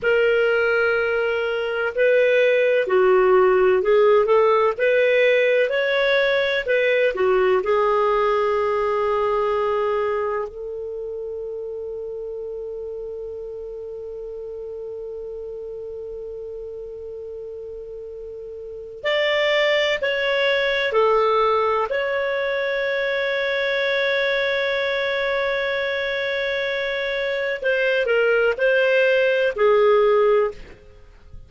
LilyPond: \new Staff \with { instrumentName = "clarinet" } { \time 4/4 \tempo 4 = 63 ais'2 b'4 fis'4 | gis'8 a'8 b'4 cis''4 b'8 fis'8 | gis'2. a'4~ | a'1~ |
a'1 | d''4 cis''4 a'4 cis''4~ | cis''1~ | cis''4 c''8 ais'8 c''4 gis'4 | }